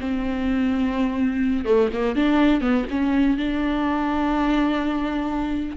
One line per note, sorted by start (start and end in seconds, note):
0.00 1.65 C4
1.65 1.89 A3
1.93 2.16 A#3
2.16 2.61 D4
2.61 2.85 B3
2.90 3.37 C#4
3.37 5.77 D4